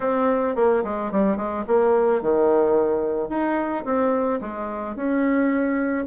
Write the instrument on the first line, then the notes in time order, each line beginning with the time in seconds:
bassoon
0.00 C4
0.55 A#3
0.84 G#3
1.11 G3
1.36 G#3
1.67 A#3
2.21 D#3
3.29 D#4
3.84 C4
4.41 G#3
4.95 C#4